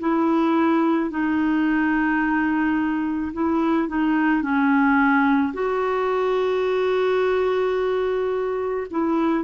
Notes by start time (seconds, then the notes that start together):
0.00 E4
1.11 D#4
3.33 E4
3.88 D#4
4.42 C#4
5.54 F#4
8.91 E4